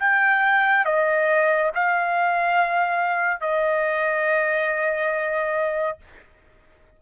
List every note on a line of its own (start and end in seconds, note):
0.00 0.86 G5
0.86 1.71 D#5
1.75 3.41 F5
3.41 5.98 D#5